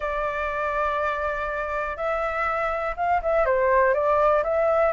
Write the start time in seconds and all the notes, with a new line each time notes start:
0.00 D5
1.96 E5
2.96 F5
3.22 E5
3.45 C5
3.94 D5
4.43 E5